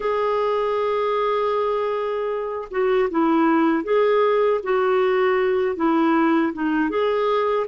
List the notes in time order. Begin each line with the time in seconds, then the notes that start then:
0.00 G#4
2.71 F#4
3.10 E4
3.83 G#4
4.63 F#4
5.76 E4
6.53 D#4
6.89 G#4